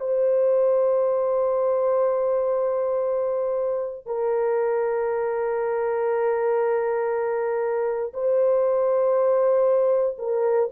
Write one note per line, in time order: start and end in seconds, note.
0.00 4.06 C5
4.06 8.13 A#4
8.14 10.17 C5
10.18 10.69 A#4